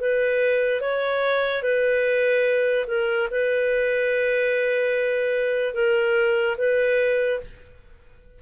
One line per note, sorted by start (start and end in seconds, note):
0.00 0.81 B4
0.81 1.62 C#5
1.62 2.85 B4
2.87 3.28 A#4
3.31 5.74 B4
5.74 6.56 A#4
6.58 7.40 B4